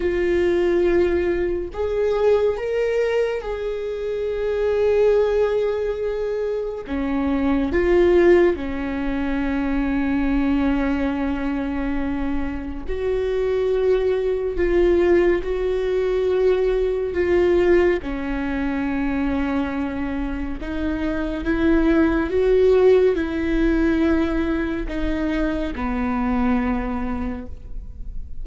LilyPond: \new Staff \with { instrumentName = "viola" } { \time 4/4 \tempo 4 = 70 f'2 gis'4 ais'4 | gis'1 | cis'4 f'4 cis'2~ | cis'2. fis'4~ |
fis'4 f'4 fis'2 | f'4 cis'2. | dis'4 e'4 fis'4 e'4~ | e'4 dis'4 b2 | }